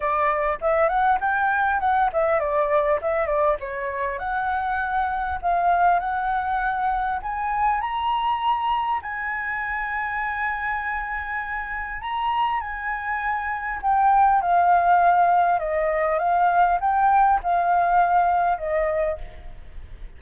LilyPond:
\new Staff \with { instrumentName = "flute" } { \time 4/4 \tempo 4 = 100 d''4 e''8 fis''8 g''4 fis''8 e''8 | d''4 e''8 d''8 cis''4 fis''4~ | fis''4 f''4 fis''2 | gis''4 ais''2 gis''4~ |
gis''1 | ais''4 gis''2 g''4 | f''2 dis''4 f''4 | g''4 f''2 dis''4 | }